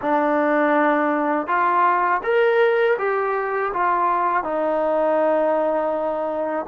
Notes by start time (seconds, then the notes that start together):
0.01 D4
1.46 F4
2.23 A#4
2.98 G4
3.73 F4
4.43 D#4